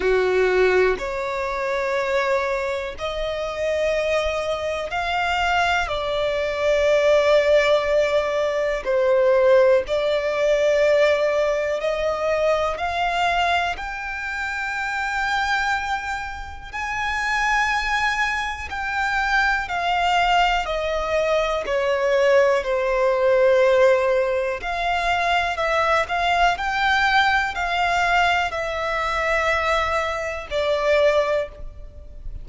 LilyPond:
\new Staff \with { instrumentName = "violin" } { \time 4/4 \tempo 4 = 61 fis'4 cis''2 dis''4~ | dis''4 f''4 d''2~ | d''4 c''4 d''2 | dis''4 f''4 g''2~ |
g''4 gis''2 g''4 | f''4 dis''4 cis''4 c''4~ | c''4 f''4 e''8 f''8 g''4 | f''4 e''2 d''4 | }